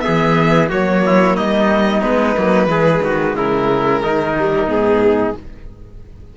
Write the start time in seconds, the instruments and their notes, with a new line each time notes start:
0.00 viola B3, trumpet G#4, violin E5
0.07 cello E3
0.68 cello F#3, viola A#3, trumpet F#4, violin C#5
1.05 trumpet E4
1.36 cello G3, trumpet D#4, violin D#5
2.01 cello G#3, viola B3, violin B4
2.36 cello F#3, viola A#3
2.67 cello E3, viola G#3, trumpet G#4
3.02 cello D#3, trumpet F#4
3.35 cello C#3, trumpet E4, violin A#4
4.03 cello D#3, trumpet D#4
4.39 viola G3
4.67 cello G#2, viola B3, violin G#4